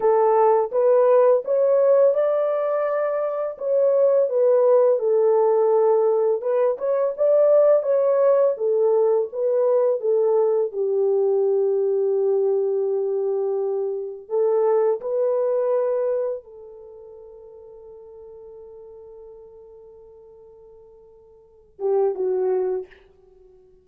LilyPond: \new Staff \with { instrumentName = "horn" } { \time 4/4 \tempo 4 = 84 a'4 b'4 cis''4 d''4~ | d''4 cis''4 b'4 a'4~ | a'4 b'8 cis''8 d''4 cis''4 | a'4 b'4 a'4 g'4~ |
g'1 | a'4 b'2 a'4~ | a'1~ | a'2~ a'8 g'8 fis'4 | }